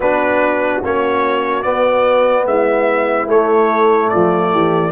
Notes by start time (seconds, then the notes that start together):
0.00 B3 D4 F#4 B4
0.83 A#3 C#4 C#5
1.62 B3 D5
2.45 G#3 E4 E5
3.27 A3 C#5
4.09 F3 F4 D5
4.52 E3 G4